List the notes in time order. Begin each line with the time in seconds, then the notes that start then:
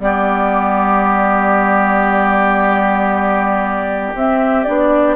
0.00 G3 B3 G4 D5
4.15 C4 E5
4.64 B3 D4 D5